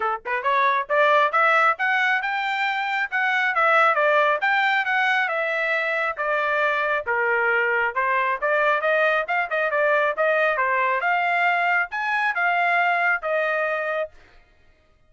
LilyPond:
\new Staff \with { instrumentName = "trumpet" } { \time 4/4 \tempo 4 = 136 a'8 b'8 cis''4 d''4 e''4 | fis''4 g''2 fis''4 | e''4 d''4 g''4 fis''4 | e''2 d''2 |
ais'2 c''4 d''4 | dis''4 f''8 dis''8 d''4 dis''4 | c''4 f''2 gis''4 | f''2 dis''2 | }